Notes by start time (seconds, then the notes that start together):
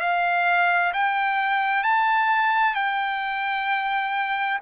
0.00 F5
0.93 G5
1.83 A5
2.74 G5